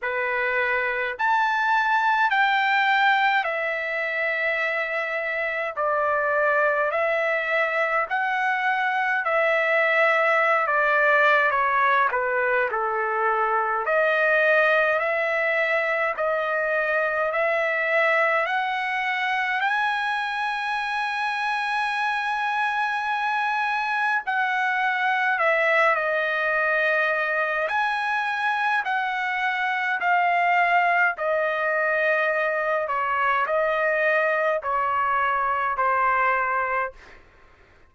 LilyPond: \new Staff \with { instrumentName = "trumpet" } { \time 4/4 \tempo 4 = 52 b'4 a''4 g''4 e''4~ | e''4 d''4 e''4 fis''4 | e''4~ e''16 d''8. cis''8 b'8 a'4 | dis''4 e''4 dis''4 e''4 |
fis''4 gis''2.~ | gis''4 fis''4 e''8 dis''4. | gis''4 fis''4 f''4 dis''4~ | dis''8 cis''8 dis''4 cis''4 c''4 | }